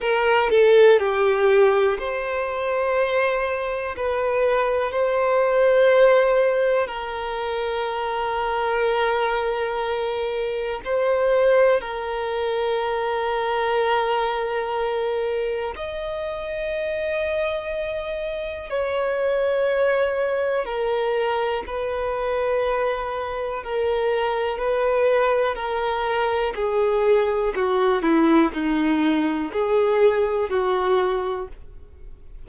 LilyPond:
\new Staff \with { instrumentName = "violin" } { \time 4/4 \tempo 4 = 61 ais'8 a'8 g'4 c''2 | b'4 c''2 ais'4~ | ais'2. c''4 | ais'1 |
dis''2. cis''4~ | cis''4 ais'4 b'2 | ais'4 b'4 ais'4 gis'4 | fis'8 e'8 dis'4 gis'4 fis'4 | }